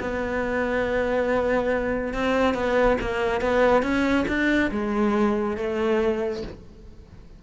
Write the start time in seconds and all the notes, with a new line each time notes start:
0.00 B3
2.14 C4
2.54 B3
3.01 A#3
3.41 B3
3.82 C#4
4.28 D4
4.71 G#3
5.57 A3